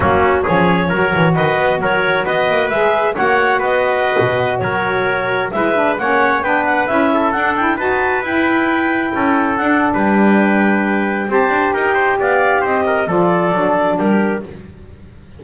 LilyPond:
<<
  \new Staff \with { instrumentName = "clarinet" } { \time 4/4 \tempo 4 = 133 fis'4 cis''2 dis''4 | cis''4 dis''4 e''4 fis''4 | dis''2~ dis''16 cis''4.~ cis''16~ | cis''16 e''4 fis''4 g''8 fis''8 e''8.~ |
e''16 fis''8 g''8 a''4 g''4.~ g''16~ | g''4~ g''16 fis''8. g''2~ | g''4 a''4 g''4 f''4 | dis''4 d''2 ais'4 | }
  \new Staff \with { instrumentName = "trumpet" } { \time 4/4 cis'4 gis'4 ais'4 b'4 | ais'4 b'2 cis''4 | b'2~ b'16 ais'4.~ ais'16~ | ais'16 b'4 cis''4 b'4. a'16~ |
a'4~ a'16 b'2~ b'8.~ | b'16 a'4.~ a'16 b'2~ | b'4 c''4 ais'8 c''8 d''4 | c''8 ais'8 a'2 g'4 | }
  \new Staff \with { instrumentName = "saxophone" } { \time 4/4 ais4 cis'4 fis'2~ | fis'2 gis'4 fis'4~ | fis'1~ | fis'16 e'8 d'8 cis'4 d'4 e'8.~ |
e'16 d'8 e'8 fis'4 e'4.~ e'16~ | e'4~ e'16 d'2~ d'8.~ | d'4 g'2.~ | g'4 f'4 d'2 | }
  \new Staff \with { instrumentName = "double bass" } { \time 4/4 fis4 f4 fis8 e8 dis8 b8 | fis4 b8 ais8 gis4 ais4 | b4~ b16 b,4 fis4.~ fis16~ | fis16 gis4 ais4 b4 cis'8.~ |
cis'16 d'4 dis'4 e'4.~ e'16~ | e'16 cis'4 d'8. g2~ | g4 c'8 d'8 dis'4 b4 | c'4 f4 fis4 g4 | }
>>